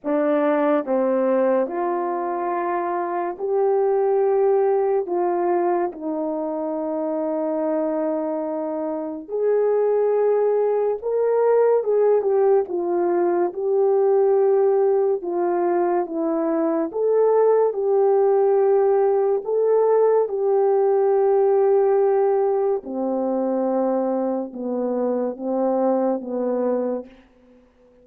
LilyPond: \new Staff \with { instrumentName = "horn" } { \time 4/4 \tempo 4 = 71 d'4 c'4 f'2 | g'2 f'4 dis'4~ | dis'2. gis'4~ | gis'4 ais'4 gis'8 g'8 f'4 |
g'2 f'4 e'4 | a'4 g'2 a'4 | g'2. c'4~ | c'4 b4 c'4 b4 | }